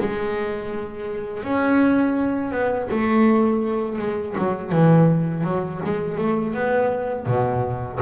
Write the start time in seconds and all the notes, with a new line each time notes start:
0.00 G#3
1.44 C#4
2.52 B3
2.91 A3
3.99 G#3
4.38 F#3
4.72 E3
5.44 F#3
5.85 G#3
6.18 A3
6.54 B3
7.26 B2